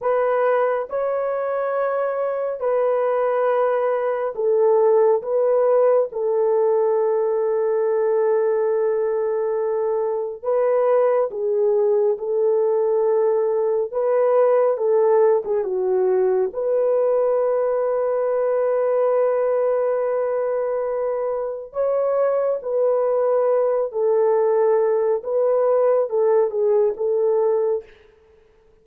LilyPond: \new Staff \with { instrumentName = "horn" } { \time 4/4 \tempo 4 = 69 b'4 cis''2 b'4~ | b'4 a'4 b'4 a'4~ | a'1 | b'4 gis'4 a'2 |
b'4 a'8. gis'16 fis'4 b'4~ | b'1~ | b'4 cis''4 b'4. a'8~ | a'4 b'4 a'8 gis'8 a'4 | }